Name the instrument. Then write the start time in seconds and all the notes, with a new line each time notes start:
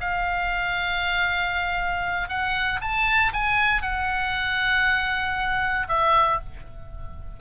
oboe
0.00 F5
2.29 F#5
2.81 A5
3.33 G#5
3.82 F#5
5.88 E5